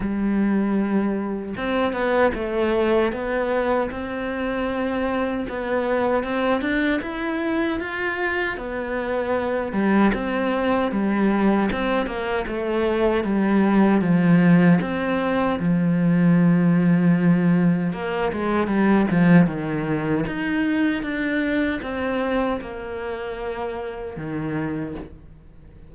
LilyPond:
\new Staff \with { instrumentName = "cello" } { \time 4/4 \tempo 4 = 77 g2 c'8 b8 a4 | b4 c'2 b4 | c'8 d'8 e'4 f'4 b4~ | b8 g8 c'4 g4 c'8 ais8 |
a4 g4 f4 c'4 | f2. ais8 gis8 | g8 f8 dis4 dis'4 d'4 | c'4 ais2 dis4 | }